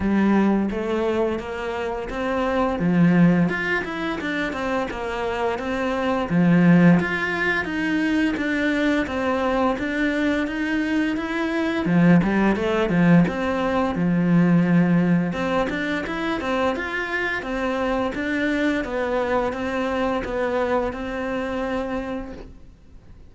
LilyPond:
\new Staff \with { instrumentName = "cello" } { \time 4/4 \tempo 4 = 86 g4 a4 ais4 c'4 | f4 f'8 e'8 d'8 c'8 ais4 | c'4 f4 f'4 dis'4 | d'4 c'4 d'4 dis'4 |
e'4 f8 g8 a8 f8 c'4 | f2 c'8 d'8 e'8 c'8 | f'4 c'4 d'4 b4 | c'4 b4 c'2 | }